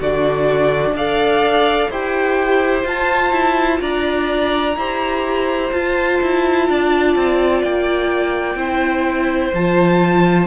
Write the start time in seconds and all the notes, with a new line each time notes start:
0.00 D3 D4 F#4 D5
0.91 D4 A4 D5 F5
1.89 E4 G4 C5 G5
2.84 F4 A5
3.32 E4
3.80 D4 D5 A#5
4.75 E4 G4 C5
5.72 F4 A5
6.21 E4
6.68 D4 D5
7.15 C4
7.63 A#3 G5
8.55 C4 E4 C5
9.53 F3 F4 A5